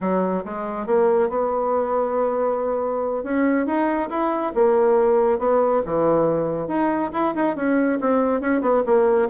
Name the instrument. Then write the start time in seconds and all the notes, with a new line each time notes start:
bassoon
0.01 F#3
0.44 G#3
0.86 A#3
1.29 B3
3.23 C#4
3.66 D#4
4.09 E4
4.55 A#3
5.38 B3
5.85 E3
6.67 D#4
7.12 E4
7.35 D#4
7.56 C#4
8.01 C4
8.41 C#4
8.61 B3
8.85 A#3